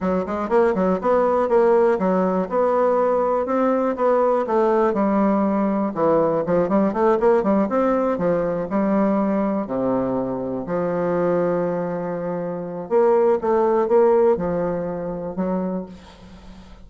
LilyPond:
\new Staff \with { instrumentName = "bassoon" } { \time 4/4 \tempo 4 = 121 fis8 gis8 ais8 fis8 b4 ais4 | fis4 b2 c'4 | b4 a4 g2 | e4 f8 g8 a8 ais8 g8 c'8~ |
c'8 f4 g2 c8~ | c4. f2~ f8~ | f2 ais4 a4 | ais4 f2 fis4 | }